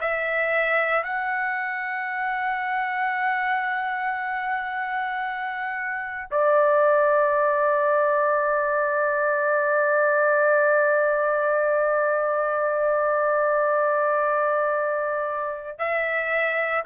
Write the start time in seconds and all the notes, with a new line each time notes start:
0.00 E5
1.03 F#5
6.31 D5
15.78 E5